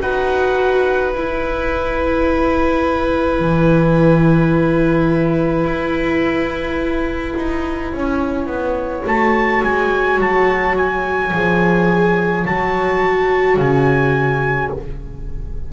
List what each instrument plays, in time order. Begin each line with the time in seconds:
0.00 double bass D#4, viola F#4 B4, trumpet F#5
1.12 double bass E4, viola E4, trumpet G#5
3.39 double bass E3
5.65 double bass E4
7.37 double bass D#4
7.93 double bass C#4, viola C#5
8.47 double bass B3
9.05 double bass A3, viola F#4, trumpet A5
9.63 double bass G#3, trumpet G#5
10.19 double bass F#3, trumpet A5
10.77 trumpet G#5
11.33 double bass F3, viola G#4
12.46 double bass F#3, viola F#4, trumpet A5
13.57 double bass C#3, trumpet G#5